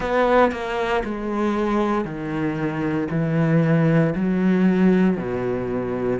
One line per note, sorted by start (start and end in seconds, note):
0.00 0.51 B3
0.51 1.03 A#3
1.04 2.04 G#3
2.04 3.08 D#3
3.10 4.14 E3
4.15 5.17 F#3
5.17 6.19 B2